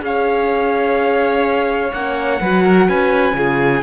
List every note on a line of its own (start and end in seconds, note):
0.00 1.92 C#4
0.00 1.90 G#4
0.00 1.93 F5
0.07 2.40 C#5
1.92 2.40 A#3
1.92 2.41 C#4
1.92 2.88 F#5
2.40 2.88 F#3
2.40 3.34 F#4
2.40 2.63 B4
2.63 2.87 A#4
2.88 3.33 C#4
2.88 3.36 B4
2.88 3.82 G#5
3.33 3.81 C#3
3.33 3.82 F4
3.33 3.82 G#4